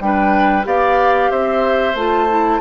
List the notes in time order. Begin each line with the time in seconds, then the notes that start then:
0.00 G3 D4 B4 G5
0.63 B3 G4 D5 F5
1.31 C4 C5 E5
1.95 A3 F4 A5
2.29 E4